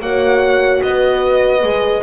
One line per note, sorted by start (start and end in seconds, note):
0.00 0.81 A#3
0.00 1.61 F#4
0.00 0.83 C#5
0.00 0.82 F#5
0.82 1.63 B3
0.82 2.03 B4
0.82 2.03 D#5
1.61 2.03 G#3
1.61 2.02 G#4